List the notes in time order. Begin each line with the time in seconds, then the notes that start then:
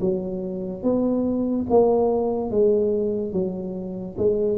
0.00 F#3
0.83 B3
1.69 A#3
2.50 G#3
3.32 F#3
4.17 G#3